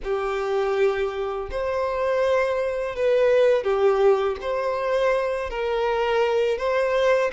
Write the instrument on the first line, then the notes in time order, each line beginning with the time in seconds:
violin
0.03 G4
1.50 C5
2.95 B4
3.63 G4
4.41 C5
5.50 A#4
6.58 C5